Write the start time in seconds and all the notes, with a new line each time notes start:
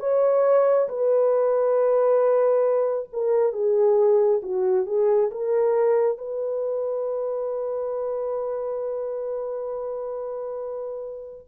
0.00 C#5
0.89 B4
3.13 A#4
3.53 G#4
4.43 F#4
4.86 G#4
5.31 A#4
6.18 B4